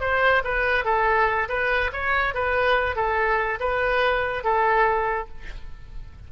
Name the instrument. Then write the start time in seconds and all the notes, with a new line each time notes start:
oboe
0.00 C5
0.44 B4
0.84 A4
1.48 B4
1.92 C#5
2.34 B4
2.95 A4
3.59 B4
4.43 A4